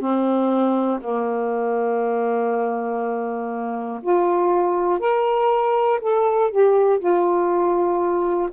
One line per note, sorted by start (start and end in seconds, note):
0.00 1.00 C4
1.01 4.01 A#3
4.02 5.00 F4
5.00 6.00 A#4
6.01 6.51 A4
6.51 6.99 G4
6.99 8.49 F4